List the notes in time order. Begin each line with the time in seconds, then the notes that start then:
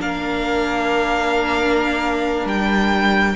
0.00 A#3 D4 A#4 F5
2.45 G3 G5